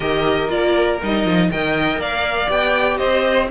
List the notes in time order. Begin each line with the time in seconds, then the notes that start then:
0.00 D#3 G4 A#4 D#5
0.48 A#3 F4 D5
1.02 G3 D#4 D#5
1.24 F3
1.50 D#3 A#4 D#5 G5
1.97 A#3 D5 F5
2.47 B3 G4 G5
2.97 C4 C5 D#5